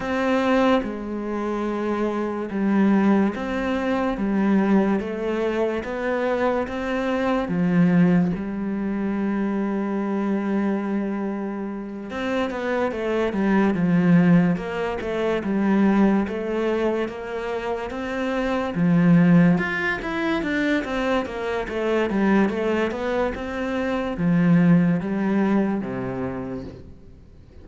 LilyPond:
\new Staff \with { instrumentName = "cello" } { \time 4/4 \tempo 4 = 72 c'4 gis2 g4 | c'4 g4 a4 b4 | c'4 f4 g2~ | g2~ g8 c'8 b8 a8 |
g8 f4 ais8 a8 g4 a8~ | a8 ais4 c'4 f4 f'8 | e'8 d'8 c'8 ais8 a8 g8 a8 b8 | c'4 f4 g4 c4 | }